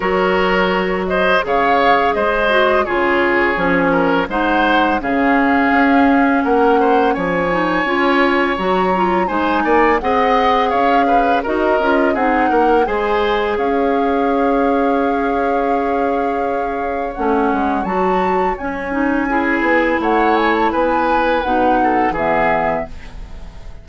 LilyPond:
<<
  \new Staff \with { instrumentName = "flute" } { \time 4/4 \tempo 4 = 84 cis''4. dis''8 f''4 dis''4 | cis''2 fis''4 f''4~ | f''4 fis''4 gis''2 | ais''4 gis''4 fis''4 f''4 |
dis''4 fis''4 gis''4 f''4~ | f''1 | fis''4 a''4 gis''2 | fis''8 gis''16 a''16 gis''4 fis''4 e''4 | }
  \new Staff \with { instrumentName = "oboe" } { \time 4/4 ais'4. c''8 cis''4 c''4 | gis'4. ais'8 c''4 gis'4~ | gis'4 ais'8 c''8 cis''2~ | cis''4 c''8 d''8 dis''4 cis''8 b'8 |
ais'4 gis'8 ais'8 c''4 cis''4~ | cis''1~ | cis''2. gis'4 | cis''4 b'4. a'8 gis'4 | }
  \new Staff \with { instrumentName = "clarinet" } { \time 4/4 fis'2 gis'4. fis'8 | f'4 cis'4 dis'4 cis'4~ | cis'2~ cis'8 dis'8 f'4 | fis'8 f'8 dis'4 gis'2 |
fis'8 f'8 dis'4 gis'2~ | gis'1 | cis'4 fis'4 cis'8 dis'8 e'4~ | e'2 dis'4 b4 | }
  \new Staff \with { instrumentName = "bassoon" } { \time 4/4 fis2 cis4 gis4 | cis4 f4 gis4 cis4 | cis'4 ais4 f4 cis'4 | fis4 gis8 ais8 c'4 cis'4 |
dis'8 cis'8 c'8 ais8 gis4 cis'4~ | cis'1 | a8 gis8 fis4 cis'4. b8 | a4 b4 b,4 e4 | }
>>